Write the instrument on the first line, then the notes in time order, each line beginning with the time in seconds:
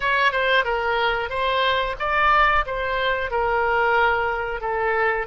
oboe
0.00 C#5
0.31 C5
0.64 A#4
1.29 C5
1.99 D5
2.66 C5
3.30 A#4
4.60 A4